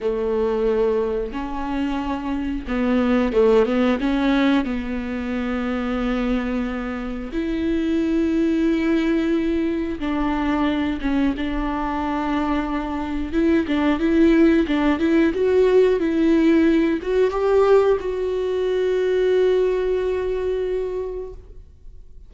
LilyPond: \new Staff \with { instrumentName = "viola" } { \time 4/4 \tempo 4 = 90 a2 cis'2 | b4 a8 b8 cis'4 b4~ | b2. e'4~ | e'2. d'4~ |
d'8 cis'8 d'2. | e'8 d'8 e'4 d'8 e'8 fis'4 | e'4. fis'8 g'4 fis'4~ | fis'1 | }